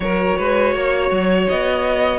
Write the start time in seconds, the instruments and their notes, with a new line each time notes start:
0.00 cello F#3, viola F#4, violin A#4 C#5
0.37 cello G#3, violin B4
0.73 cello A#3, violin C#5
1.10 cello F#3
1.48 cello B3, violin D#5